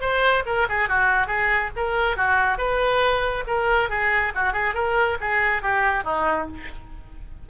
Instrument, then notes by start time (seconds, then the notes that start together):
oboe
0.00 C5
0.45 A#4
0.68 G#4
0.88 F#4
1.27 G#4
1.76 A#4
2.16 F#4
2.58 B4
3.46 A#4
3.89 G#4
4.35 F#4
4.52 G#4
4.74 A#4
5.20 G#4
5.62 G4
6.04 D#4